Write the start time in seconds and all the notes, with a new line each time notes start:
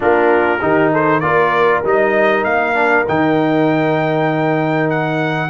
0.00 A#3 D4 F4 A#4
0.61 D#3 D#4 G4
0.92 A4 C5
1.20 A#3 F4 A#4 D5
1.84 G3 D#4 D#5
2.44 A#3 F5
2.74 D4
3.08 D#3 D#4 G5
4.90 F#5